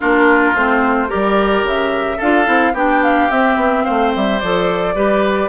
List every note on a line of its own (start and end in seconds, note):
0.00 0.53 A#3
0.00 0.56 D4
0.00 1.08 F4
0.00 0.55 A#4
0.53 1.08 A3
0.53 1.07 C4
0.53 1.10 C5
1.07 2.18 G4
1.07 2.17 A#4
1.07 1.65 D5
1.14 1.63 G3
1.63 2.18 C#3
1.63 2.20 E5
2.17 2.47 D4
2.17 2.45 F4
2.17 2.72 A4
2.17 2.75 F5
2.45 2.73 C4
2.45 2.72 E4
2.73 3.28 B3
2.73 3.30 D4
2.73 3.83 G4
2.73 3.03 G5
3.03 3.30 F5
3.30 4.40 C4
3.30 3.56 C4
3.30 3.84 E5
3.56 3.83 B3
3.84 4.15 A3
3.84 4.94 C5
3.84 4.12 F5
4.15 4.42 G3
4.15 4.39 E5
4.39 4.95 F3
4.39 4.95 A4
4.39 5.49 D5
4.95 5.49 G3
4.95 5.49 G4
4.95 5.49 B4